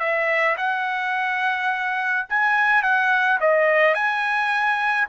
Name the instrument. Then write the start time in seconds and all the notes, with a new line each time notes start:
trumpet
0.00 E5
0.58 F#5
2.30 G#5
2.83 F#5
3.41 D#5
3.95 G#5